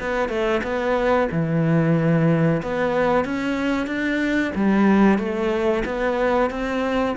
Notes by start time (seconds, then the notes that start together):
0.00 B3
0.29 A3
0.63 B3
1.31 E3
2.63 B3
3.25 C#4
3.87 D4
4.55 G3
5.18 A3
5.85 B3
6.50 C4